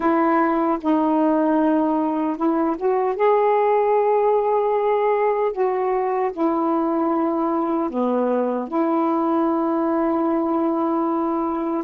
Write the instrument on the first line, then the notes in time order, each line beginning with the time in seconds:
saxophone
0.00 E4
0.81 D#4
2.36 E4
2.77 F#4
3.15 G#4
5.52 F#4
6.32 E4
7.89 B3
8.68 E4